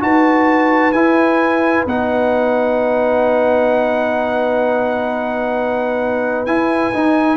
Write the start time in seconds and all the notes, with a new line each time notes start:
0.00 D#4 F#4 B4 A5
0.92 E4 G#5
1.86 B3 D#4 F#5
6.46 E4 G#5
6.93 D#4